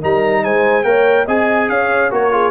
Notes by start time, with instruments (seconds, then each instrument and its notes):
0.00 tuba G3, trombone D#4, horn A#4, trumpet A#5
0.44 tuba G#3, horn C5, trumpet G#5
0.83 tuba A#3, trombone A#4, horn C#5, trumpet G5
1.25 tuba C4, trombone G#4, horn D#5, trumpet G#5
1.69 tuba C#4, horn C#5, trumpet F5
2.10 tuba A#3, trombone F#4, horn A#4, trumpet C#5
2.31 trombone F4, horn G#4